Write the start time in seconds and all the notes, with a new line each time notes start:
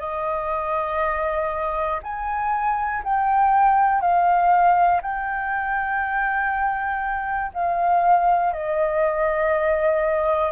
0.00 D#5
2.03 G#5
3.04 G5
4.02 F5
5.02 G5
7.55 F5
8.54 D#5